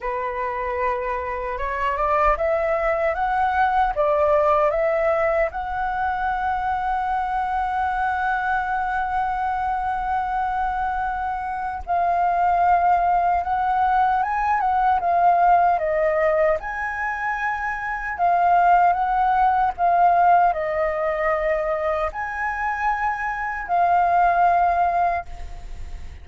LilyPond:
\new Staff \with { instrumentName = "flute" } { \time 4/4 \tempo 4 = 76 b'2 cis''8 d''8 e''4 | fis''4 d''4 e''4 fis''4~ | fis''1~ | fis''2. f''4~ |
f''4 fis''4 gis''8 fis''8 f''4 | dis''4 gis''2 f''4 | fis''4 f''4 dis''2 | gis''2 f''2 | }